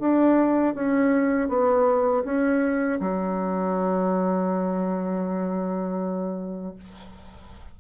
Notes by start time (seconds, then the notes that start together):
0.00 D4
0.75 C#4
1.49 B3
2.25 C#4
3.01 F#3